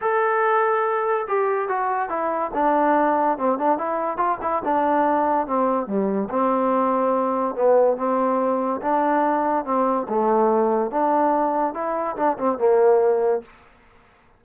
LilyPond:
\new Staff \with { instrumentName = "trombone" } { \time 4/4 \tempo 4 = 143 a'2. g'4 | fis'4 e'4 d'2 | c'8 d'8 e'4 f'8 e'8 d'4~ | d'4 c'4 g4 c'4~ |
c'2 b4 c'4~ | c'4 d'2 c'4 | a2 d'2 | e'4 d'8 c'8 ais2 | }